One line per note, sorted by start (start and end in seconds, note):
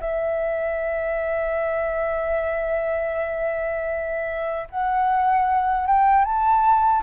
0.00 4.68 E5
4.70 5.86 F#5
5.86 6.24 G5
6.24 7.02 A5